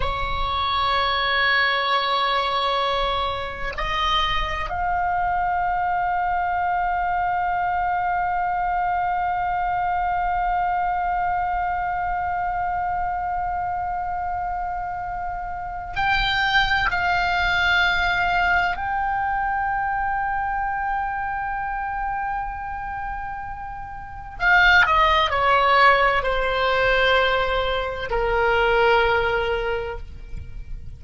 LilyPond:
\new Staff \with { instrumentName = "oboe" } { \time 4/4 \tempo 4 = 64 cis''1 | dis''4 f''2.~ | f''1~ | f''1~ |
f''4 g''4 f''2 | g''1~ | g''2 f''8 dis''8 cis''4 | c''2 ais'2 | }